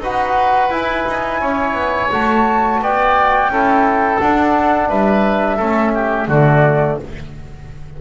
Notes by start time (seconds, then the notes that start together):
0.00 D#4 F#4 B4 F#5
0.70 E4 G#5
1.08 D#4
1.41 C#4 C#5
1.74 B3
2.12 A3 F#4 A5
2.81 B3 D5 G5
3.49 C#4 E4 A4
4.20 D4 F#5
4.89 G3 B4 E5
5.57 A3 C#4 A4
5.95 G4
6.28 D3 A3 F#4 D5